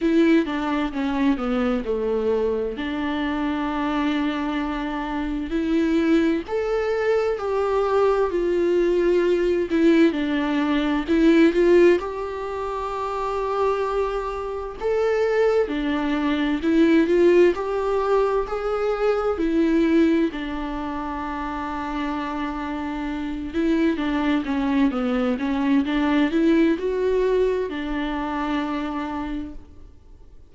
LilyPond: \new Staff \with { instrumentName = "viola" } { \time 4/4 \tempo 4 = 65 e'8 d'8 cis'8 b8 a4 d'4~ | d'2 e'4 a'4 | g'4 f'4. e'8 d'4 | e'8 f'8 g'2. |
a'4 d'4 e'8 f'8 g'4 | gis'4 e'4 d'2~ | d'4. e'8 d'8 cis'8 b8 cis'8 | d'8 e'8 fis'4 d'2 | }